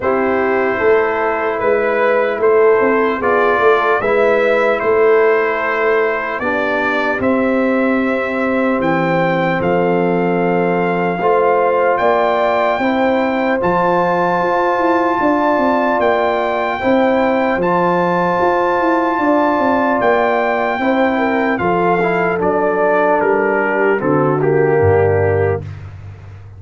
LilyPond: <<
  \new Staff \with { instrumentName = "trumpet" } { \time 4/4 \tempo 4 = 75 c''2 b'4 c''4 | d''4 e''4 c''2 | d''4 e''2 g''4 | f''2. g''4~ |
g''4 a''2. | g''2 a''2~ | a''4 g''2 f''4 | d''4 ais'4 a'8 g'4. | }
  \new Staff \with { instrumentName = "horn" } { \time 4/4 g'4 a'4 b'4 a'4 | gis'8 a'8 b'4 a'2 | g'1 | a'2 c''4 d''4 |
c''2. d''4~ | d''4 c''2. | d''2 c''8 ais'8 a'4~ | a'4. g'8 fis'4 d'4 | }
  \new Staff \with { instrumentName = "trombone" } { \time 4/4 e'1 | f'4 e'2. | d'4 c'2.~ | c'2 f'2 |
e'4 f'2.~ | f'4 e'4 f'2~ | f'2 e'4 f'8 e'8 | d'2 c'8 ais4. | }
  \new Staff \with { instrumentName = "tuba" } { \time 4/4 c'4 a4 gis4 a8 c'8 | b8 a8 gis4 a2 | b4 c'2 e4 | f2 a4 ais4 |
c'4 f4 f'8 e'8 d'8 c'8 | ais4 c'4 f4 f'8 e'8 | d'8 c'8 ais4 c'4 f4 | fis4 g4 d4 g,4 | }
>>